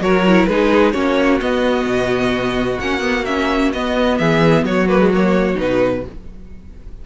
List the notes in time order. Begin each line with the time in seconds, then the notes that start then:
0.00 F#3 F#4 A#4 C#5
0.27 E4
0.46 G#3 D#4 G#4 B4
0.92 A#3 C#4 F#4 C#5
1.40 B3 D#5
1.86 B2
2.80 A#3 C#4 F#5
3.01 B3
3.25 C#4 E5
3.73 B3 D#5
4.18 E3 G#4 E5
4.64 F#3 F#4 C#5
4.88 A#3 B4
5.00 G#3
5.14 A#3 C#5
5.55 B2 D#4 B4